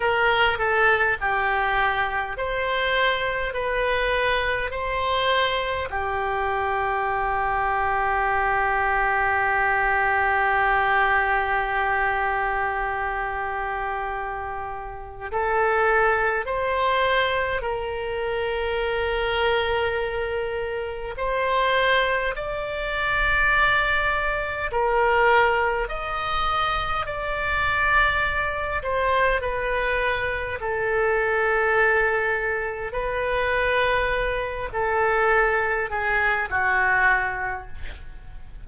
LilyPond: \new Staff \with { instrumentName = "oboe" } { \time 4/4 \tempo 4 = 51 ais'8 a'8 g'4 c''4 b'4 | c''4 g'2.~ | g'1~ | g'4 a'4 c''4 ais'4~ |
ais'2 c''4 d''4~ | d''4 ais'4 dis''4 d''4~ | d''8 c''8 b'4 a'2 | b'4. a'4 gis'8 fis'4 | }